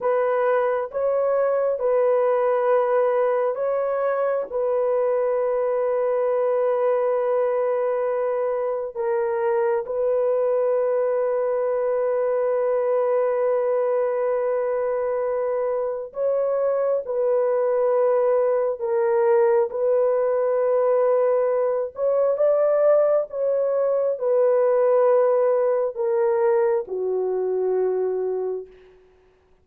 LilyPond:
\new Staff \with { instrumentName = "horn" } { \time 4/4 \tempo 4 = 67 b'4 cis''4 b'2 | cis''4 b'2.~ | b'2 ais'4 b'4~ | b'1~ |
b'2 cis''4 b'4~ | b'4 ais'4 b'2~ | b'8 cis''8 d''4 cis''4 b'4~ | b'4 ais'4 fis'2 | }